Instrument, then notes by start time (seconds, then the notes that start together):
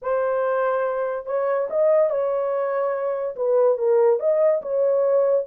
horn
0.02 C5
1.26 C#5
1.70 D#5
2.09 C#5
3.36 B4
3.77 A#4
4.19 D#5
4.62 C#5